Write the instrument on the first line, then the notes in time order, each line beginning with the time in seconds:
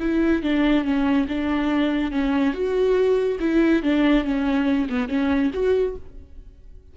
viola
0.00 E4
0.43 D4
0.84 C#4
1.28 D4
2.12 C#4
2.53 F#4
3.40 E4
3.83 D4
4.24 C#4
4.90 B3
5.09 C#4
5.53 F#4